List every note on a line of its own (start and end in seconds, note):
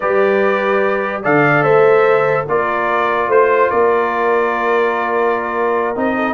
0.00 1.24 G3
0.00 1.23 G4
0.00 1.22 B4
0.00 1.22 D5
1.22 1.63 D3
1.22 2.46 A4
1.22 1.63 D5
1.22 1.63 F5
1.63 2.45 A3
1.63 2.45 C5
1.63 2.45 E5
2.48 3.28 A#3
2.48 5.95 F4
2.48 3.29 A#4
2.48 3.30 D5
3.28 3.69 A3
3.28 3.70 C5
3.70 5.96 A#3
3.70 6.16 A#4
3.70 5.96 D5
5.95 6.34 C4
5.95 6.34 D#4
5.95 6.34 D#5
6.16 6.34 A4